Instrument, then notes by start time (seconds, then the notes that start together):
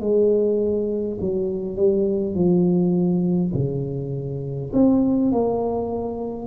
tuba
0.00 G#3
1.20 F#3
1.76 G3
2.35 F3
3.53 C#3
4.73 C4
5.32 A#3